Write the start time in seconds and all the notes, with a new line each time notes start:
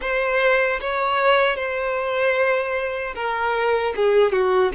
0.01 C5
0.80 C#5
1.56 C5
3.15 A#4
3.96 G#4
4.32 F#4